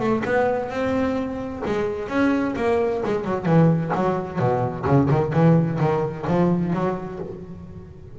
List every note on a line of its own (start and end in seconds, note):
0.00 0.23 A3
0.25 0.70 B3
0.70 1.63 C4
1.66 2.09 G#3
2.09 2.55 C#4
2.56 3.03 A#3
3.06 3.25 G#3
3.25 3.46 F#3
3.46 3.92 E3
3.95 4.40 F#3
4.40 4.86 B2
4.87 5.10 C#3
5.10 5.33 D#3
5.33 5.79 E3
5.80 6.26 D#3
6.27 6.73 F3
6.73 7.20 F#3